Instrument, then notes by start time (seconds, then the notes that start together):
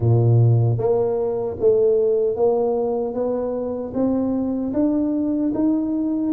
tuba
0.00 A#2
0.78 A#3
1.59 A3
2.35 A#3
3.14 B3
3.94 C4
4.73 D4
5.54 D#4